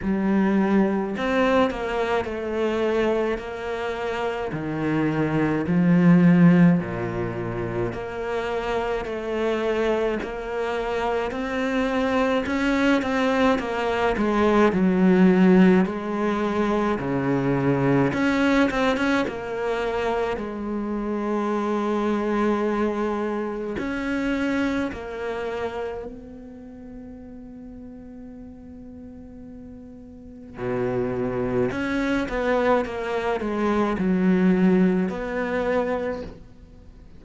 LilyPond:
\new Staff \with { instrumentName = "cello" } { \time 4/4 \tempo 4 = 53 g4 c'8 ais8 a4 ais4 | dis4 f4 ais,4 ais4 | a4 ais4 c'4 cis'8 c'8 | ais8 gis8 fis4 gis4 cis4 |
cis'8 c'16 cis'16 ais4 gis2~ | gis4 cis'4 ais4 b4~ | b2. b,4 | cis'8 b8 ais8 gis8 fis4 b4 | }